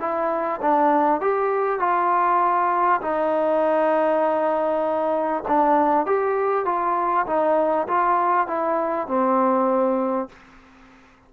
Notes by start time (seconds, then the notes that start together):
0.00 E4
0.62 D4
1.21 G4
1.80 F4
3.01 D#4
5.48 D4
6.06 G4
6.66 F4
7.27 D#4
7.88 F4
8.47 E4
9.08 C4